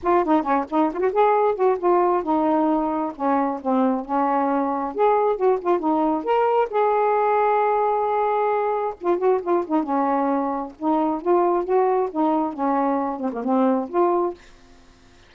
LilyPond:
\new Staff \with { instrumentName = "saxophone" } { \time 4/4 \tempo 4 = 134 f'8 dis'8 cis'8 dis'8 f'16 fis'16 gis'4 fis'8 | f'4 dis'2 cis'4 | c'4 cis'2 gis'4 | fis'8 f'8 dis'4 ais'4 gis'4~ |
gis'1 | f'8 fis'8 f'8 dis'8 cis'2 | dis'4 f'4 fis'4 dis'4 | cis'4. c'16 ais16 c'4 f'4 | }